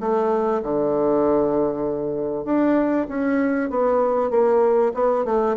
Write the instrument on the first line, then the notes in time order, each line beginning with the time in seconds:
bassoon
0.00 A3
0.63 D3
2.45 D4
3.08 C#4
3.70 B3
4.30 A#3
4.94 B3
5.25 A3